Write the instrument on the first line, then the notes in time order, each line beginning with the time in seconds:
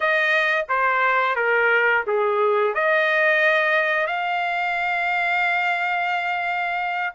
trumpet
0.00 D#5
0.68 C5
1.35 A#4
2.06 G#4
2.74 D#5
4.06 F5